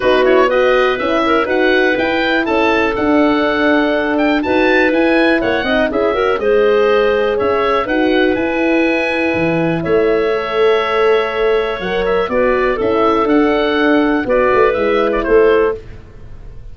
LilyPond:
<<
  \new Staff \with { instrumentName = "oboe" } { \time 4/4 \tempo 4 = 122 b'8 cis''8 dis''4 e''4 fis''4 | g''4 a''4 fis''2~ | fis''8 g''8 a''4 gis''4 fis''4 | e''4 dis''2 e''4 |
fis''4 gis''2. | e''1 | fis''8 e''8 d''4 e''4 fis''4~ | fis''4 d''4 e''8. d''16 c''4 | }
  \new Staff \with { instrumentName = "clarinet" } { \time 4/4 fis'4 b'4. ais'8 b'4~ | b'4 a'2.~ | a'4 b'2 cis''8 dis''8 | gis'8 ais'8 c''2 cis''4 |
b'1 | cis''1~ | cis''4 b'4 a'2~ | a'4 b'2 a'4 | }
  \new Staff \with { instrumentName = "horn" } { \time 4/4 dis'8 e'8 fis'4 e'4 fis'4 | e'2 d'2~ | d'4 fis'4 e'4. dis'8 | e'8 fis'8 gis'2. |
fis'4 e'2.~ | e'4 a'2. | ais'4 fis'4 e'4 d'4~ | d'4 fis'4 e'2 | }
  \new Staff \with { instrumentName = "tuba" } { \time 4/4 b2 cis'4 dis'4 | e'4 cis'4 d'2~ | d'4 dis'4 e'4 ais8 c'8 | cis'4 gis2 cis'4 |
dis'4 e'2 e4 | a1 | fis4 b4 cis'4 d'4~ | d'4 b8 a8 gis4 a4 | }
>>